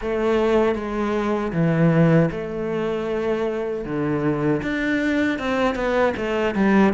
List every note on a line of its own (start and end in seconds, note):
0.01 0.75 A3
0.75 1.52 G#3
1.52 2.29 E3
2.31 3.85 A3
3.85 4.62 D3
4.62 5.38 D4
5.38 5.75 C4
5.75 6.13 B3
6.16 6.54 A3
6.54 6.93 G3